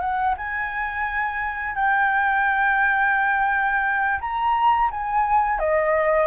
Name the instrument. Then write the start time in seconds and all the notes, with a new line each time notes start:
flute
0.00 F#5
0.37 G#5
1.75 G5
4.20 A#5
4.91 G#5
5.59 D#5